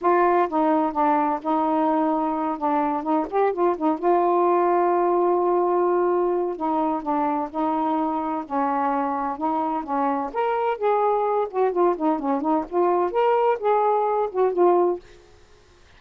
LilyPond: \new Staff \with { instrumentName = "saxophone" } { \time 4/4 \tempo 4 = 128 f'4 dis'4 d'4 dis'4~ | dis'4. d'4 dis'8 g'8 f'8 | dis'8 f'2.~ f'8~ | f'2 dis'4 d'4 |
dis'2 cis'2 | dis'4 cis'4 ais'4 gis'4~ | gis'8 fis'8 f'8 dis'8 cis'8 dis'8 f'4 | ais'4 gis'4. fis'8 f'4 | }